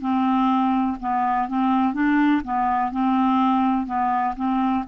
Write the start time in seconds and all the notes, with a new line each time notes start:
0.00 C4
1.00 B3
1.48 C4
1.94 D4
2.44 B3
2.92 C4
3.86 B3
4.36 C4